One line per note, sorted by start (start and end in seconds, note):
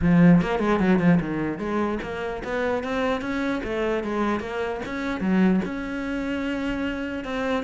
0.01 0.41 F3
0.41 0.59 A#3
0.59 0.79 G#3
0.79 0.99 F#3
0.99 1.19 F3
1.20 1.58 D#3
1.58 1.98 G#3
2.02 2.43 A#3
2.44 2.83 B3
2.83 3.21 C4
3.21 3.61 C#4
3.63 4.03 A3
4.03 4.40 G#3
4.40 4.80 A#3
4.85 5.20 C#4
5.20 5.60 F#3
5.64 7.24 C#4
7.24 7.64 C4